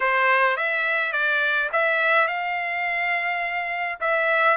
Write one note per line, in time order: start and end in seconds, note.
0.00 0.56 C5
0.56 1.12 E5
1.12 1.69 D5
1.72 2.27 E5
2.27 3.98 F5
4.00 4.57 E5